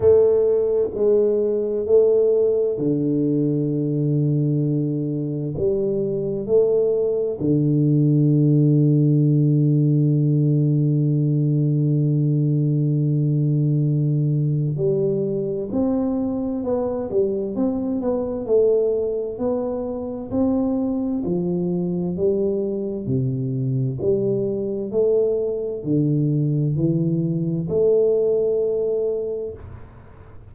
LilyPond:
\new Staff \with { instrumentName = "tuba" } { \time 4/4 \tempo 4 = 65 a4 gis4 a4 d4~ | d2 g4 a4 | d1~ | d1 |
g4 c'4 b8 g8 c'8 b8 | a4 b4 c'4 f4 | g4 c4 g4 a4 | d4 e4 a2 | }